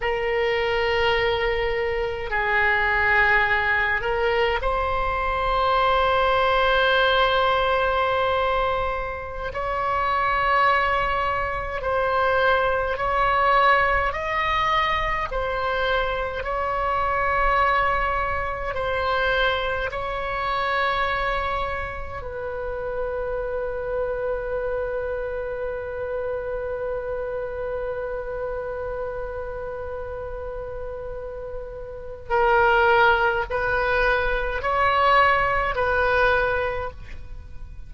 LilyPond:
\new Staff \with { instrumentName = "oboe" } { \time 4/4 \tempo 4 = 52 ais'2 gis'4. ais'8 | c''1~ | c''16 cis''2 c''4 cis''8.~ | cis''16 dis''4 c''4 cis''4.~ cis''16~ |
cis''16 c''4 cis''2 b'8.~ | b'1~ | b'1 | ais'4 b'4 cis''4 b'4 | }